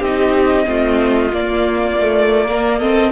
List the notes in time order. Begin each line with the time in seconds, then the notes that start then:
0.00 C4 D#4 G4 D#5
0.66 A3 C4 F4
1.33 A#3 D5
2.01 A3
2.49 A#3 A#4
2.79 C4 A4 D#5